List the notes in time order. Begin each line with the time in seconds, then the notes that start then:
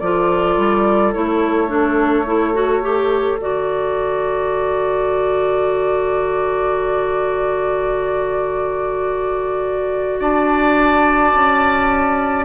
0.00 F3 F4 A4 D5
0.58 G3
1.13 A3 E4 C#5
1.68 D4
2.26 E4
2.54 F#4
2.82 G4
3.39 D3 F#4 D5
10.20 D4 D5 A5
11.34 C#4